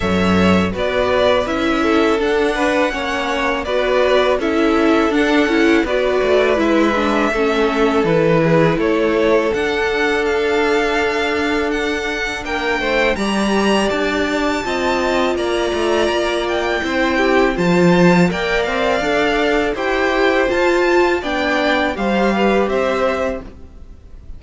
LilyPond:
<<
  \new Staff \with { instrumentName = "violin" } { \time 4/4 \tempo 4 = 82 e''4 d''4 e''4 fis''4~ | fis''4 d''4 e''4 fis''4 | d''4 e''2 b'4 | cis''4 fis''4 f''2 |
fis''4 g''4 ais''4 a''4~ | a''4 ais''4. g''4. | a''4 g''8 f''4. g''4 | a''4 g''4 f''4 e''4 | }
  \new Staff \with { instrumentName = "violin" } { \time 4/4 cis''4 b'4. a'4 b'8 | cis''4 b'4 a'2 | b'2 a'4. gis'8 | a'1~ |
a'4 ais'8 c''8 d''2 | dis''4 d''2 c''8 g'8 | c''4 d''2 c''4~ | c''4 d''4 c''8 b'8 c''4 | }
  \new Staff \with { instrumentName = "viola" } { \time 4/4 a'4 fis'4 e'4 d'4 | cis'4 fis'4 e'4 d'8 e'8 | fis'4 e'8 d'8 cis'4 e'4~ | e'4 d'2.~ |
d'2 g'2 | f'2. e'4 | f'4 ais'4 a'4 g'4 | f'4 d'4 g'2 | }
  \new Staff \with { instrumentName = "cello" } { \time 4/4 fis,4 b4 cis'4 d'4 | ais4 b4 cis'4 d'8 cis'8 | b8 a8 gis4 a4 e4 | a4 d'2.~ |
d'4 ais8 a8 g4 d'4 | c'4 ais8 a8 ais4 c'4 | f4 ais8 c'8 d'4 e'4 | f'4 b4 g4 c'4 | }
>>